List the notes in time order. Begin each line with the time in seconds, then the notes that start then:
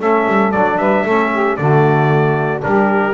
0.00 A3 C#4 A4 E5
0.28 G3
0.52 F#3 D4 D5
0.78 G3 B4 E5
1.04 A3 C#4 A4
1.32 G4
1.57 D3 A3 F#4 D5
2.61 G3 D4 G4 A#4